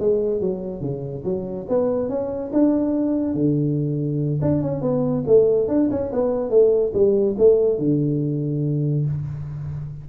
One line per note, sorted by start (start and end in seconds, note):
0.00 0.41 G#3
0.41 0.81 F#3
0.81 1.23 C#3
1.24 1.67 F#3
1.69 2.09 B3
2.09 2.52 C#4
2.53 3.35 D4
3.35 4.40 D3
4.42 4.62 D4
4.62 4.82 C#4
4.82 5.24 B3
5.27 5.68 A3
5.68 5.89 D4
5.91 6.12 C#4
6.12 6.50 B3
6.50 6.92 A3
6.94 7.36 G3
7.38 7.78 A3
7.78 9.05 D3